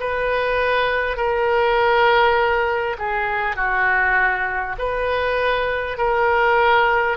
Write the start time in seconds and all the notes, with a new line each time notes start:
0.00 B4
1.17 A#4
2.98 G#4
3.56 F#4
4.78 B4
5.98 A#4